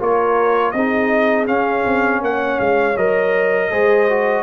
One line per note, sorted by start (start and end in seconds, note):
0.00 0.74 A#3
0.00 0.74 F4
0.00 0.75 A#4
0.00 0.72 C#5
0.72 1.48 C4
0.72 1.47 D#4
0.72 2.23 G#4
0.72 1.46 D#5
1.47 2.95 C#4
1.47 1.85 C#4
1.47 2.22 F5
1.86 2.22 C4
2.22 2.59 A#3
2.22 3.71 C#5
2.22 2.60 F#5
2.60 2.96 G#3
2.60 2.97 F5
2.96 3.71 F#3
2.96 3.71 A#4
2.96 4.43 D#5
3.71 4.43 G#3
3.71 4.08 G#4
3.71 4.43 C5
4.10 4.43 F#4